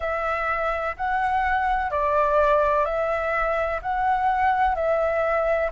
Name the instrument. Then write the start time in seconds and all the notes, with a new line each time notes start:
flute
0.00 E5
0.97 F#5
1.90 D5
2.85 E5
3.81 F#5
4.74 E5